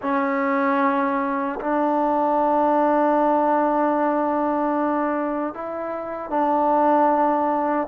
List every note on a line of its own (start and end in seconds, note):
0.01 1.59 C#4
1.60 5.54 D4
5.54 6.29 E4
6.29 7.87 D4